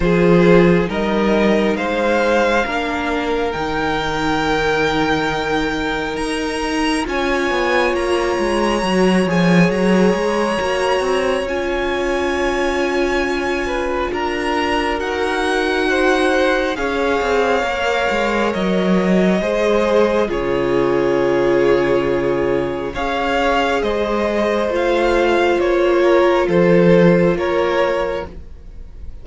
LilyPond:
<<
  \new Staff \with { instrumentName = "violin" } { \time 4/4 \tempo 4 = 68 c''4 dis''4 f''2 | g''2. ais''4 | gis''4 ais''4. gis''8 ais''4~ | ais''4 gis''2. |
ais''4 fis''2 f''4~ | f''4 dis''2 cis''4~ | cis''2 f''4 dis''4 | f''4 cis''4 c''4 cis''4 | }
  \new Staff \with { instrumentName = "violin" } { \time 4/4 gis'4 ais'4 c''4 ais'4~ | ais'1 | cis''1~ | cis''2.~ cis''8 b'8 |
ais'2 c''4 cis''4~ | cis''2 c''4 gis'4~ | gis'2 cis''4 c''4~ | c''4. ais'8 a'4 ais'4 | }
  \new Staff \with { instrumentName = "viola" } { \time 4/4 f'4 dis'2 d'4 | dis'1 | f'2 fis'8 gis'4. | fis'4 f'2.~ |
f'4 fis'2 gis'4 | ais'2 gis'4 f'4~ | f'2 gis'2 | f'1 | }
  \new Staff \with { instrumentName = "cello" } { \time 4/4 f4 g4 gis4 ais4 | dis2. dis'4 | cis'8 b8 ais8 gis8 fis8 f8 fis8 gis8 | ais8 c'8 cis'2. |
d'4 dis'2 cis'8 c'8 | ais8 gis8 fis4 gis4 cis4~ | cis2 cis'4 gis4 | a4 ais4 f4 ais4 | }
>>